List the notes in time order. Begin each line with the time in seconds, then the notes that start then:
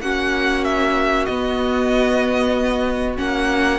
0.00 A#3 C#4 F#4 F#5
0.64 E5
1.25 B3 D#5
3.16 A#3 C#4 F#5